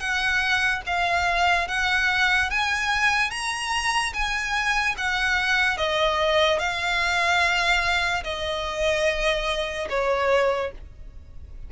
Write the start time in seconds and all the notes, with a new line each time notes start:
0.00 F#5
0.86 F5
1.68 F#5
2.50 G#5
3.31 A#5
4.14 G#5
4.98 F#5
5.78 D#5
6.59 F5
8.24 D#5
9.90 C#5